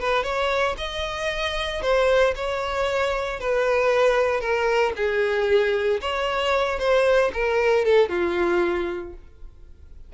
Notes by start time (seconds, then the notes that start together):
0.00 B4
0.23 C#5
0.78 D#5
1.82 C5
2.35 C#5
3.40 B4
4.41 A#4
4.96 G#4
6.01 C#5
6.79 C5
7.33 A#4
7.85 A4
8.09 F4